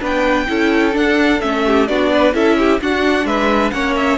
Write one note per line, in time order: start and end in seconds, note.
0.00 0.47 B3
0.00 0.46 D4
0.00 0.46 B4
0.00 0.96 G5
0.47 0.95 C#4
0.47 0.92 E4
0.47 1.65 A4
0.92 1.39 D4
0.92 1.41 D4
0.92 1.41 F#5
1.41 1.89 A3
1.41 1.87 C#4
1.41 1.87 E5
1.66 1.90 G4
1.87 2.34 B3
1.87 2.34 D4
1.87 2.12 F#4
1.87 2.33 D5
2.12 2.34 B4
2.34 2.80 C#4
2.34 2.80 E4
2.34 2.57 A4
2.34 2.80 E5
2.58 2.81 G4
2.81 3.73 D4
2.81 3.25 D4
2.81 3.26 F#4
2.81 3.26 F#5
3.25 3.71 G#3
3.25 3.72 B4
3.25 3.71 E5
3.71 4.18 A#3
3.71 4.18 C#4
3.71 4.18 C#5
3.71 3.94 F#5
3.96 4.18 E5